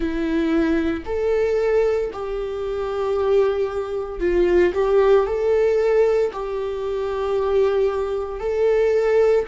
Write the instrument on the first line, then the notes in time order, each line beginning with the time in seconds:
viola
0.00 E4
1.05 A4
2.12 G4
4.20 F4
4.74 G4
5.26 A4
6.32 G4
8.40 A4